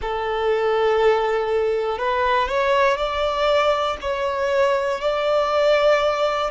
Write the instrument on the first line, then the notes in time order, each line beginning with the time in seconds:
violin
0.01 A4
1.98 B4
2.48 C#5
2.97 D5
4.00 C#5
5.00 D5